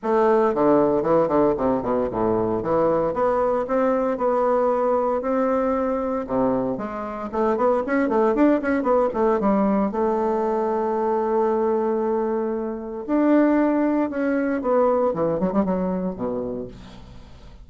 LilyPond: \new Staff \with { instrumentName = "bassoon" } { \time 4/4 \tempo 4 = 115 a4 d4 e8 d8 c8 b,8 | a,4 e4 b4 c'4 | b2 c'2 | c4 gis4 a8 b8 cis'8 a8 |
d'8 cis'8 b8 a8 g4 a4~ | a1~ | a4 d'2 cis'4 | b4 e8 fis16 g16 fis4 b,4 | }